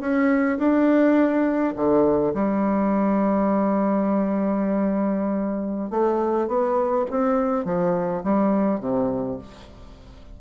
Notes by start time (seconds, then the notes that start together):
0.00 C#4
0.58 D4
1.75 D3
2.34 G3
5.90 A3
6.47 B3
7.10 C4
7.64 F3
8.23 G3
8.80 C3